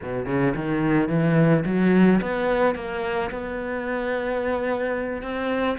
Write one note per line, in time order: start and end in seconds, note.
0.02 0.26 B2
0.26 0.53 C#3
0.55 1.09 D#3
1.09 1.64 E3
1.65 2.20 F#3
2.21 2.75 B3
2.75 3.30 A#3
3.30 5.22 B3
5.22 5.77 C4